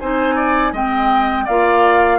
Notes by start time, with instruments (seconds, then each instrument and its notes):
0.00 bassoon C4, clarinet D#4, oboe C5, flute G#5
0.36 oboe D5
0.73 bassoon G#3, clarinet C4, oboe D#5, flute G5
1.45 bassoon A#3, clarinet F4, oboe D5, flute F5